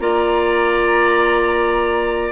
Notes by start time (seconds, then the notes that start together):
0.00 A#3 F4 D5 A#5